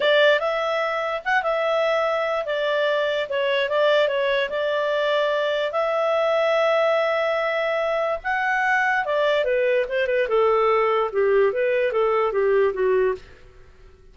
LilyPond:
\new Staff \with { instrumentName = "clarinet" } { \time 4/4 \tempo 4 = 146 d''4 e''2 fis''8 e''8~ | e''2 d''2 | cis''4 d''4 cis''4 d''4~ | d''2 e''2~ |
e''1 | fis''2 d''4 b'4 | c''8 b'8 a'2 g'4 | b'4 a'4 g'4 fis'4 | }